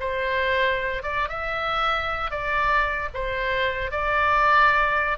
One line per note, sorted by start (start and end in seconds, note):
0.00 1.03 C5
1.03 1.29 D5
1.29 2.31 E5
2.31 3.09 D5
3.14 3.91 C5
3.91 5.18 D5